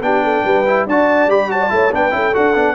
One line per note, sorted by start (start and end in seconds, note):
0.00 0.42 B3
0.00 0.66 D4
0.00 0.24 G4
0.00 0.87 G5
0.24 0.45 A4
0.45 0.86 G3
0.45 0.87 B4
0.67 0.88 E4
0.86 1.26 D4
0.86 1.29 F#4
0.86 1.50 D5
0.86 1.30 A5
1.26 1.69 G3
1.26 1.49 G4
1.26 1.51 B5
1.49 1.69 F#4
1.49 1.61 C#5
1.49 1.93 A5
1.61 1.72 D5
1.69 1.92 A3
1.69 1.90 E4
1.69 1.94 C#5
1.92 2.13 B3
1.92 2.11 D4
1.92 2.15 B4
1.92 2.35 G5
2.11 2.34 C#4
2.11 2.32 E4
2.11 2.75 A4
2.33 2.55 D4
2.33 2.54 F#4
2.33 2.75 F#5
2.55 2.75 B3
2.55 2.75 D4